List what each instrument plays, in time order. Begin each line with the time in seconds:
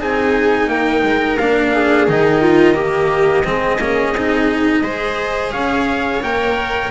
0.00 double bass C4, cello D#4, viola G#4, trumpet G#5
0.68 double bass A#3, viola A#4, trumpet G5
1.03 double bass G#3
1.38 double bass A#3, cello D4, trumpet F5
1.73 viola G#4
2.08 double bass D#3, cello D#4, trumpet D#5
2.41 viola F4
2.75 cello A#3, viola G4
3.45 double bass G#3, cello C4, viola G#4
3.79 double bass A#3, cello C#4
4.13 double bass C4, cello D#4
4.82 double bass G#3, cello G#4, viola C5
5.52 double bass C#4, viola C#5, trumpet F5
6.23 double bass A#3, cello A#4, trumpet G5